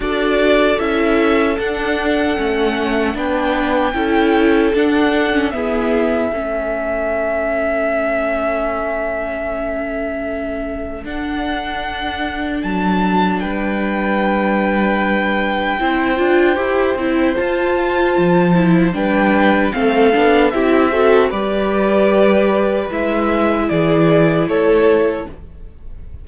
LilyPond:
<<
  \new Staff \with { instrumentName = "violin" } { \time 4/4 \tempo 4 = 76 d''4 e''4 fis''2 | g''2 fis''4 e''4~ | e''1~ | e''2 fis''2 |
a''4 g''2.~ | g''2 a''2 | g''4 f''4 e''4 d''4~ | d''4 e''4 d''4 cis''4 | }
  \new Staff \with { instrumentName = "violin" } { \time 4/4 a'1 | b'4 a'2 gis'4 | a'1~ | a'1~ |
a'4 b'2. | c''1 | b'4 a'4 g'8 a'8 b'4~ | b'2 gis'4 a'4 | }
  \new Staff \with { instrumentName = "viola" } { \time 4/4 fis'4 e'4 d'4 cis'4 | d'4 e'4 d'8. cis'16 b4 | cis'1~ | cis'2 d'2~ |
d'1 | e'8 f'8 g'8 e'8 f'4. e'8 | d'4 c'8 d'8 e'8 fis'8 g'4~ | g'4 e'2. | }
  \new Staff \with { instrumentName = "cello" } { \time 4/4 d'4 cis'4 d'4 a4 | b4 cis'4 d'4 e'4 | a1~ | a2 d'2 |
fis4 g2. | c'8 d'8 e'8 c'8 f'4 f4 | g4 a8 b8 c'4 g4~ | g4 gis4 e4 a4 | }
>>